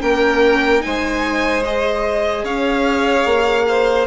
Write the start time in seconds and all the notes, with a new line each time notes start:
0.00 A#3 C#4 A#4 G5
0.80 G#3 D#4 C5 G#5
1.65 G#4 D#5
2.43 C#4 C#5 F5
3.26 A#3
3.68 C5